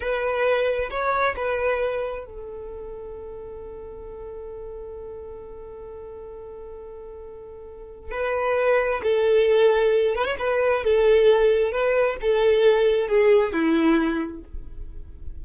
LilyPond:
\new Staff \with { instrumentName = "violin" } { \time 4/4 \tempo 4 = 133 b'2 cis''4 b'4~ | b'4 a'2.~ | a'1~ | a'1~ |
a'2 b'2 | a'2~ a'8 b'16 cis''16 b'4 | a'2 b'4 a'4~ | a'4 gis'4 e'2 | }